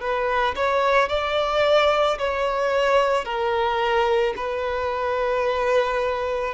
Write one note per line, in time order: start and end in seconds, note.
0.00 0.55 B4
0.56 1.09 C#5
1.09 2.18 D5
2.18 3.25 C#5
3.25 4.34 A#4
4.36 6.54 B4